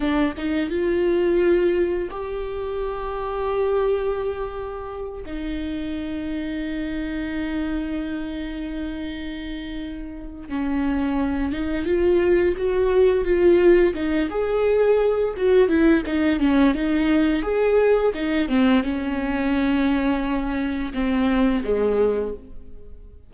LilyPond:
\new Staff \with { instrumentName = "viola" } { \time 4/4 \tempo 4 = 86 d'8 dis'8 f'2 g'4~ | g'2.~ g'8 dis'8~ | dis'1~ | dis'2. cis'4~ |
cis'8 dis'8 f'4 fis'4 f'4 | dis'8 gis'4. fis'8 e'8 dis'8 cis'8 | dis'4 gis'4 dis'8 c'8 cis'4~ | cis'2 c'4 gis4 | }